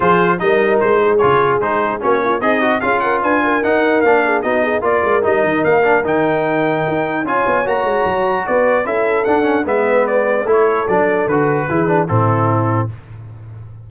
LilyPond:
<<
  \new Staff \with { instrumentName = "trumpet" } { \time 4/4 \tempo 4 = 149 c''4 dis''4 c''4 cis''4 | c''4 cis''4 dis''4 f''8 fis''8 | gis''4 fis''4 f''4 dis''4 | d''4 dis''4 f''4 g''4~ |
g''2 gis''4 ais''4~ | ais''4 d''4 e''4 fis''4 | e''4 d''4 cis''4 d''4 | b'2 a'2 | }
  \new Staff \with { instrumentName = "horn" } { \time 4/4 gis'4 ais'4. gis'4.~ | gis'4 fis'8 f'8 dis'4 gis'8 ais'8 | b'8 ais'2 gis'8 fis'8 gis'8 | ais'1~ |
ais'2 cis''2~ | cis''4 b'4 a'2 | b'2 a'2~ | a'4 gis'4 e'2 | }
  \new Staff \with { instrumentName = "trombone" } { \time 4/4 f'4 dis'2 f'4 | dis'4 cis'4 gis'8 fis'8 f'4~ | f'4 dis'4 d'4 dis'4 | f'4 dis'4. d'8 dis'4~ |
dis'2 f'4 fis'4~ | fis'2 e'4 d'8 cis'8 | b2 e'4 d'4 | fis'4 e'8 d'8 c'2 | }
  \new Staff \with { instrumentName = "tuba" } { \time 4/4 f4 g4 gis4 cis4 | gis4 ais4 c'4 cis'4 | d'4 dis'4 ais4 b4 | ais8 gis8 g8 dis8 ais4 dis4~ |
dis4 dis'4 cis'8 b8 ais8 gis8 | fis4 b4 cis'4 d'4 | gis2 a4 fis4 | d4 e4 a,2 | }
>>